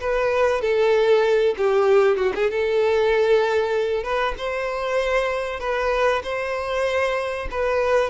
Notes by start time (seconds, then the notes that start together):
0.00 B4
0.61 A4
1.57 G4
2.17 F#4
2.35 G#4
2.50 A4
4.03 B4
4.38 C5
5.60 B4
6.23 C5
7.51 B4